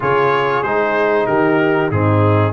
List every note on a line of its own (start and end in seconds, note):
0.00 0.62 C#3
0.00 0.64 F4
0.00 1.27 G#4
0.00 0.63 C#5
0.62 1.26 G#3
0.62 1.92 D#4
0.62 1.26 C5
1.26 1.91 D#3
1.26 1.91 G4
1.26 1.90 A#4
1.91 2.53 G#2
1.91 2.53 C4
1.91 2.53 D#4
1.91 2.53 G#4